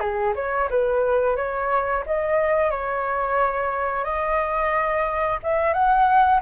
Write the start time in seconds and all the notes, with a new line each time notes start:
0.00 G#4
0.36 C#5
0.71 B4
1.37 C#5
2.07 D#5
2.71 C#5
4.05 D#5
5.43 E5
5.74 F#5